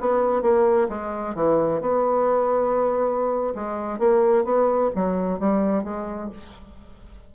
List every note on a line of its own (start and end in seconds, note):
0.00 0.42 B3
0.42 0.88 A#3
0.89 1.35 G#3
1.35 1.81 E3
1.81 3.54 B3
3.55 3.99 G#3
3.99 4.44 A#3
4.44 4.90 B3
4.95 5.39 F#3
5.39 5.84 G3
5.84 6.30 G#3